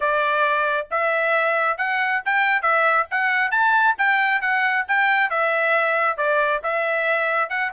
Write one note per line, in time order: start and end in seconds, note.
0.00 0.87 D5
0.90 1.77 E5
1.77 2.21 F#5
2.25 2.62 G5
2.62 3.06 E5
3.10 3.51 F#5
3.51 3.95 A5
3.98 4.41 G5
4.41 4.85 F#5
4.88 5.29 G5
5.29 6.17 E5
6.17 6.61 D5
6.63 7.49 E5
7.49 7.71 F#5